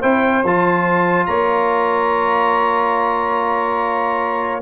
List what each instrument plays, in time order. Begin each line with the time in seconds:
0.00 tuba C4, trombone E4, saxophone C5, trumpet G5
0.44 tuba F3, trombone F4, trumpet A5
1.26 tuba A#3, saxophone C#5, trumpet A#5